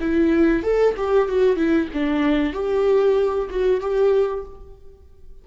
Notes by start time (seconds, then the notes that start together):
0.00 E4
0.63 A4
0.97 G4
1.29 F#4
1.56 E4
1.93 D4
2.53 G4
3.50 F#4
3.80 G4